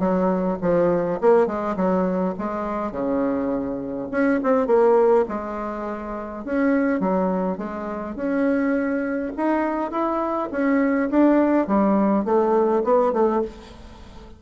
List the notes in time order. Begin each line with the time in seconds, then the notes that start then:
0.00 F#3
0.62 F3
1.21 A#3
1.47 G#3
1.77 F#3
2.39 G#3
2.92 C#3
4.11 C#4
4.44 C4
4.67 A#3
5.29 G#3
6.45 C#4
7.00 F#3
7.58 G#3
8.16 C#4
9.37 D#4
9.91 E4
10.52 C#4
11.11 D4
11.67 G3
12.25 A3
12.84 B3
13.13 A3